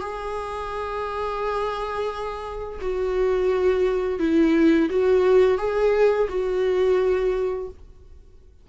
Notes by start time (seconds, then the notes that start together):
0.00 G#4
2.80 F#4
4.19 E4
4.89 F#4
5.58 G#4
6.29 F#4